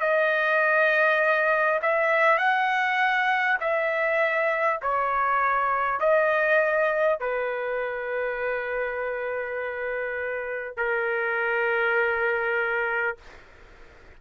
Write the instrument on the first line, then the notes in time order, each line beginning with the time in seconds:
trumpet
0.00 D#5
1.82 E5
2.38 F#5
3.60 E5
4.82 C#5
5.99 D#5
7.19 B4
10.77 A#4